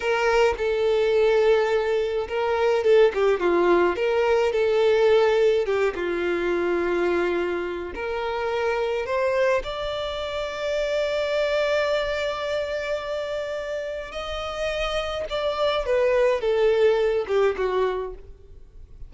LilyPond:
\new Staff \with { instrumentName = "violin" } { \time 4/4 \tempo 4 = 106 ais'4 a'2. | ais'4 a'8 g'8 f'4 ais'4 | a'2 g'8 f'4.~ | f'2 ais'2 |
c''4 d''2.~ | d''1~ | d''4 dis''2 d''4 | b'4 a'4. g'8 fis'4 | }